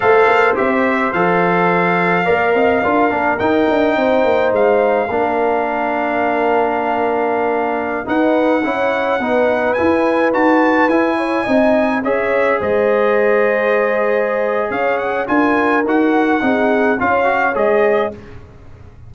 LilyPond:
<<
  \new Staff \with { instrumentName = "trumpet" } { \time 4/4 \tempo 4 = 106 f''4 e''4 f''2~ | f''2 g''2 | f''1~ | f''2~ f''16 fis''4.~ fis''16~ |
fis''4~ fis''16 gis''4 a''4 gis''8.~ | gis''4~ gis''16 e''4 dis''4.~ dis''16~ | dis''2 f''8 fis''8 gis''4 | fis''2 f''4 dis''4 | }
  \new Staff \with { instrumentName = "horn" } { \time 4/4 c''1 | d''8 dis''8 ais'2 c''4~ | c''4 ais'2.~ | ais'2~ ais'16 b'4 cis''8.~ |
cis''16 b'2.~ b'8 cis''16~ | cis''16 dis''4 cis''4 c''4.~ c''16~ | c''2 cis''4 ais'4~ | ais'4 gis'4 cis''2 | }
  \new Staff \with { instrumentName = "trombone" } { \time 4/4 a'4 g'4 a'2 | ais'4 f'8 d'8 dis'2~ | dis'4 d'2.~ | d'2~ d'16 dis'4 e'8.~ |
e'16 dis'4 e'4 fis'4 e'8.~ | e'16 dis'4 gis'2~ gis'8.~ | gis'2. f'4 | fis'4 dis'4 f'8 fis'8 gis'4 | }
  \new Staff \with { instrumentName = "tuba" } { \time 4/4 a8 ais8 c'4 f2 | ais8 c'8 d'8 ais8 dis'8 d'8 c'8 ais8 | gis4 ais2.~ | ais2~ ais16 dis'4 cis'8.~ |
cis'16 b4 e'4 dis'4 e'8.~ | e'16 c'4 cis'4 gis4.~ gis16~ | gis2 cis'4 d'4 | dis'4 c'4 cis'4 gis4 | }
>>